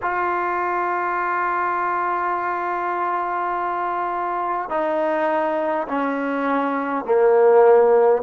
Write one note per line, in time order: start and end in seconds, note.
0.02 4.69 F4
4.69 5.87 D#4
5.88 7.04 C#4
7.04 8.22 A#3